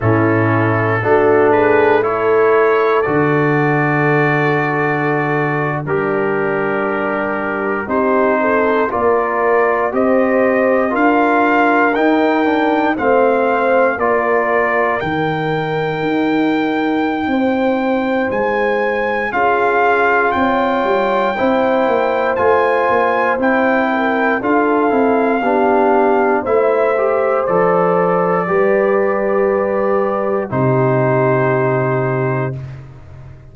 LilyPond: <<
  \new Staff \with { instrumentName = "trumpet" } { \time 4/4 \tempo 4 = 59 a'4. b'8 cis''4 d''4~ | d''4.~ d''16 ais'2 c''16~ | c''8. d''4 dis''4 f''4 g''16~ | g''8. f''4 d''4 g''4~ g''16~ |
g''2 gis''4 f''4 | g''2 gis''4 g''4 | f''2 e''4 d''4~ | d''2 c''2 | }
  \new Staff \with { instrumentName = "horn" } { \time 4/4 e'4 fis'8 gis'8 a'2~ | a'4.~ a'16 d'2 g'16~ | g'16 a'8 ais'4 c''4 ais'4~ ais'16~ | ais'8. c''4 ais'2~ ais'16~ |
ais'4 c''2 gis'4 | cis''4 c''2~ c''8 ais'8 | a'4 g'4 c''2 | b'2 g'2 | }
  \new Staff \with { instrumentName = "trombone" } { \time 4/4 cis'4 d'4 e'4 fis'4~ | fis'4.~ fis'16 g'2 dis'16~ | dis'8. f'4 g'4 f'4 dis'16~ | dis'16 d'8 c'4 f'4 dis'4~ dis'16~ |
dis'2. f'4~ | f'4 e'4 f'4 e'4 | f'8 e'8 d'4 e'8 g'8 a'4 | g'2 dis'2 | }
  \new Staff \with { instrumentName = "tuba" } { \time 4/4 a,4 a2 d4~ | d4.~ d16 g2 c'16~ | c'8. ais4 c'4 d'4 dis'16~ | dis'8. a4 ais4 dis4 dis'16~ |
dis'4 c'4 gis4 cis'4 | c'8 g8 c'8 ais8 a8 ais8 c'4 | d'8 c'8 b4 a4 f4 | g2 c2 | }
>>